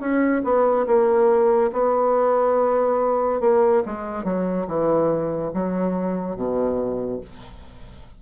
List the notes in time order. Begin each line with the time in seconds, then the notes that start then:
0.00 C#4
0.44 B3
0.86 A#3
1.72 B3
3.40 A#3
3.85 G#3
4.24 F#3
4.67 E3
5.54 F#3
6.36 B2